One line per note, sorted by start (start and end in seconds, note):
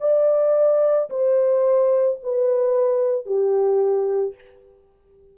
0.00 1.09 D5
1.10 2.19 C5
2.23 3.25 B4
3.25 4.34 G4